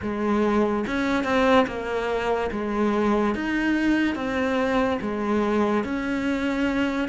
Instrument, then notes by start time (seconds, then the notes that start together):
cello
0.02 G#3
0.86 C#4
1.24 C4
1.67 A#3
2.51 G#3
3.34 D#4
4.15 C4
5.01 G#3
5.83 C#4